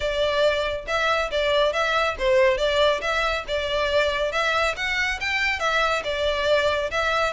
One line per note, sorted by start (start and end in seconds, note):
0.00 0.85 D5
0.87 1.30 E5
1.31 1.72 D5
1.72 2.16 E5
2.18 2.57 C5
2.57 3.00 D5
3.01 3.44 E5
3.47 4.32 D5
4.32 4.75 E5
4.76 5.19 F#5
5.20 5.59 G5
5.59 6.02 E5
6.04 6.90 D5
6.90 7.33 E5